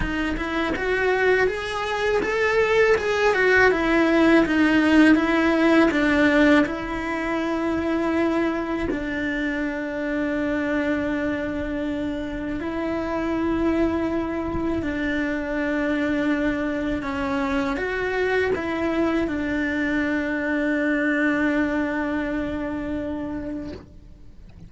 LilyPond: \new Staff \with { instrumentName = "cello" } { \time 4/4 \tempo 4 = 81 dis'8 e'8 fis'4 gis'4 a'4 | gis'8 fis'8 e'4 dis'4 e'4 | d'4 e'2. | d'1~ |
d'4 e'2. | d'2. cis'4 | fis'4 e'4 d'2~ | d'1 | }